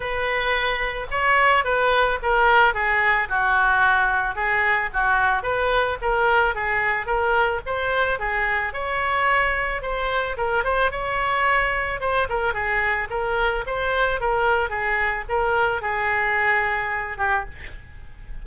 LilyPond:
\new Staff \with { instrumentName = "oboe" } { \time 4/4 \tempo 4 = 110 b'2 cis''4 b'4 | ais'4 gis'4 fis'2 | gis'4 fis'4 b'4 ais'4 | gis'4 ais'4 c''4 gis'4 |
cis''2 c''4 ais'8 c''8 | cis''2 c''8 ais'8 gis'4 | ais'4 c''4 ais'4 gis'4 | ais'4 gis'2~ gis'8 g'8 | }